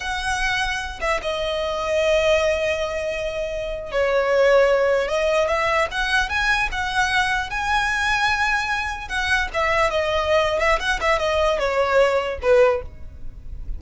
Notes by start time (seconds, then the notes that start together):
0.00 F#5
1.00 E5
1.22 D#5
3.91 C#5
5.08 D#5
5.48 E5
5.91 F#5
6.29 G#5
6.71 F#5
7.49 G#5
9.08 F#5
9.53 E5
9.90 D#5
10.59 E5
10.79 F#5
11.00 E5
11.19 D#5
11.58 C#5
12.41 B4